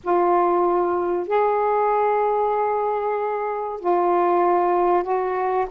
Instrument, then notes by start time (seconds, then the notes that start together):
saxophone
0.03 F4
1.27 G#4
3.80 F4
5.03 F#4